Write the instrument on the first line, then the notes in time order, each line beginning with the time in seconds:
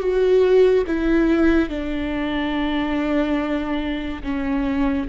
viola
0.00 F#4
0.87 E4
1.69 D4
4.23 C#4